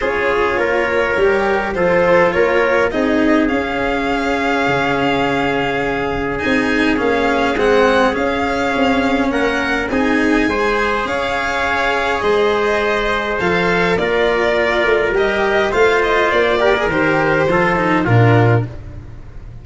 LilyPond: <<
  \new Staff \with { instrumentName = "violin" } { \time 4/4 \tempo 4 = 103 cis''2. c''4 | cis''4 dis''4 f''2~ | f''2. gis''4 | f''4 fis''4 f''2 |
fis''4 gis''2 f''4~ | f''4 dis''2 f''4 | d''2 dis''4 f''8 dis''8 | d''4 c''2 ais'4 | }
  \new Staff \with { instrumentName = "trumpet" } { \time 4/4 gis'4 ais'2 a'4 | ais'4 gis'2.~ | gis'1~ | gis'1 |
ais'4 gis'4 c''4 cis''4~ | cis''4 c''2. | ais'2. c''4~ | c''8 ais'4. a'4 f'4 | }
  \new Staff \with { instrumentName = "cello" } { \time 4/4 f'2 g'4 f'4~ | f'4 dis'4 cis'2~ | cis'2. dis'4 | cis'4 c'4 cis'2~ |
cis'4 dis'4 gis'2~ | gis'2. a'4 | f'2 g'4 f'4~ | f'8 g'16 gis'16 g'4 f'8 dis'8 d'4 | }
  \new Staff \with { instrumentName = "tuba" } { \time 4/4 cis'4 ais4 g4 f4 | ais4 c'4 cis'2 | cis2. c'4 | ais4 gis4 cis'4 c'4 |
ais4 c'4 gis4 cis'4~ | cis'4 gis2 f4 | ais4. a8 g4 a4 | ais4 dis4 f4 ais,4 | }
>>